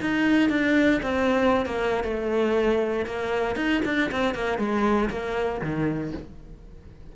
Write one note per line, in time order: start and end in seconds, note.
0.00 0.49 D#4
0.49 1.00 D4
1.02 1.65 C4
1.65 2.03 A#3
2.03 3.05 A3
3.05 3.55 A#3
3.55 3.81 D#4
3.84 4.10 D4
4.11 4.34 C4
4.34 4.58 A#3
4.58 5.09 G#3
5.09 5.61 A#3
5.61 6.12 D#3